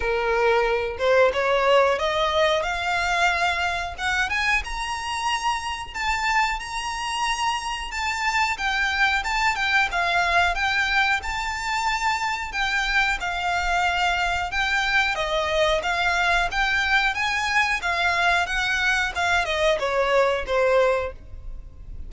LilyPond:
\new Staff \with { instrumentName = "violin" } { \time 4/4 \tempo 4 = 91 ais'4. c''8 cis''4 dis''4 | f''2 fis''8 gis''8 ais''4~ | ais''4 a''4 ais''2 | a''4 g''4 a''8 g''8 f''4 |
g''4 a''2 g''4 | f''2 g''4 dis''4 | f''4 g''4 gis''4 f''4 | fis''4 f''8 dis''8 cis''4 c''4 | }